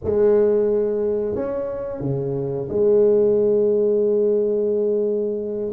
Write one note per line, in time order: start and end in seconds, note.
0.04 1.35 G#3
1.35 2.00 C#4
2.00 2.68 C#3
2.68 5.72 G#3